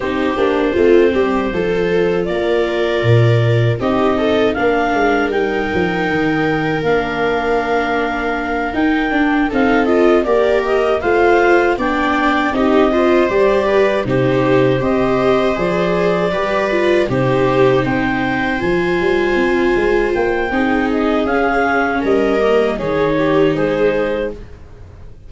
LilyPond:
<<
  \new Staff \with { instrumentName = "clarinet" } { \time 4/4 \tempo 4 = 79 c''2. d''4~ | d''4 dis''4 f''4 g''4~ | g''4 f''2~ f''8 g''8~ | g''8 f''8 dis''8 d''8 dis''8 f''4 g''8~ |
g''8 dis''4 d''4 c''4 dis''8~ | dis''8 d''2 c''4 g''8~ | g''8 gis''2 g''4 dis''8 | f''4 dis''4 cis''4 c''4 | }
  \new Staff \with { instrumentName = "viola" } { \time 4/4 g'4 f'8 g'8 a'4 ais'4~ | ais'4 g'8 a'8 ais'2~ | ais'1~ | ais'8 a'4 ais'4 c''4 d''8~ |
d''8 g'8 c''4 b'8 g'4 c''8~ | c''4. b'4 g'4 c''8~ | c''2. gis'4~ | gis'4 ais'4 gis'8 g'8 gis'4 | }
  \new Staff \with { instrumentName = "viola" } { \time 4/4 dis'8 d'8 c'4 f'2~ | f'4 dis'4 d'4 dis'4~ | dis'4 d'2~ d'8 dis'8 | d'8 dis'8 f'8 g'4 f'4 d'8~ |
d'8 dis'8 f'8 g'4 dis'4 g'8~ | g'8 gis'4 g'8 f'8 dis'4.~ | dis'8 f'2~ f'8 dis'4 | cis'4. ais8 dis'2 | }
  \new Staff \with { instrumentName = "tuba" } { \time 4/4 c'8 ais8 a8 g8 f4 ais4 | ais,4 c'4 ais8 gis8 g8 f8 | dis4 ais2~ ais8 dis'8 | d'8 c'4 ais4 a4 b8~ |
b8 c'4 g4 c4 c'8~ | c'8 f4 g4 c4 c'8~ | c'8 f8 g8 c'8 gis8 ais8 c'4 | cis'4 g4 dis4 gis4 | }
>>